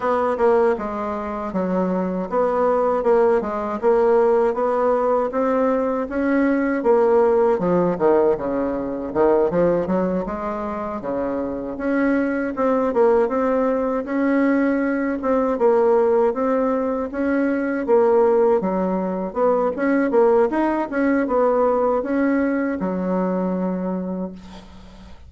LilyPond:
\new Staff \with { instrumentName = "bassoon" } { \time 4/4 \tempo 4 = 79 b8 ais8 gis4 fis4 b4 | ais8 gis8 ais4 b4 c'4 | cis'4 ais4 f8 dis8 cis4 | dis8 f8 fis8 gis4 cis4 cis'8~ |
cis'8 c'8 ais8 c'4 cis'4. | c'8 ais4 c'4 cis'4 ais8~ | ais8 fis4 b8 cis'8 ais8 dis'8 cis'8 | b4 cis'4 fis2 | }